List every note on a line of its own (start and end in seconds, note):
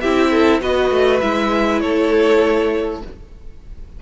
0.00 0.61 C4
0.00 0.61 E4
0.00 0.31 G4
0.00 0.60 E5
0.31 0.61 A4
0.61 0.90 B3
0.61 1.21 F#4
0.61 1.82 B4
0.61 1.20 D#5
0.90 1.20 A3
1.20 1.82 G#3
1.20 3.01 E4
1.20 1.80 E5
1.80 3.02 A3
1.80 3.02 A4
1.80 3.00 C#5